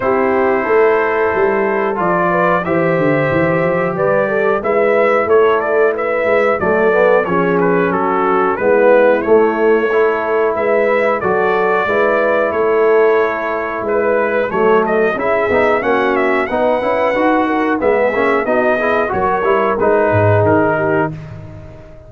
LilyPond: <<
  \new Staff \with { instrumentName = "trumpet" } { \time 4/4 \tempo 4 = 91 c''2. d''4 | e''2 d''4 e''4 | cis''8 d''8 e''4 d''4 cis''8 b'8 | a'4 b'4 cis''2 |
e''4 d''2 cis''4~ | cis''4 b'4 cis''8 dis''8 e''4 | fis''8 e''8 fis''2 e''4 | dis''4 cis''4 b'4 ais'4 | }
  \new Staff \with { instrumentName = "horn" } { \time 4/4 g'4 a'2~ a'8 b'8 | c''2 b'8 a'8 b'4 | a'4 b'4 a'4 gis'4 | fis'4 e'2 a'4 |
b'4 a'4 b'4 a'4~ | a'4 b'4 a'4 gis'4 | fis'4 b'4. ais'8 gis'4 | fis'8 gis'8 ais'4. gis'4 g'8 | }
  \new Staff \with { instrumentName = "trombone" } { \time 4/4 e'2. f'4 | g'2. e'4~ | e'2 a8 b8 cis'4~ | cis'4 b4 a4 e'4~ |
e'4 fis'4 e'2~ | e'2 a4 e'8 dis'8 | cis'4 dis'8 e'8 fis'4 b8 cis'8 | dis'8 e'8 fis'8 e'8 dis'2 | }
  \new Staff \with { instrumentName = "tuba" } { \time 4/4 c'4 a4 g4 f4 | e8 d8 e8 f8 g4 gis4 | a4. gis8 fis4 f4 | fis4 gis4 a2 |
gis4 fis4 gis4 a4~ | a4 gis4 fis4 cis'8 b8 | ais4 b8 cis'8 dis'4 gis8 ais8 | b4 fis8 g8 gis8 gis,8 dis4 | }
>>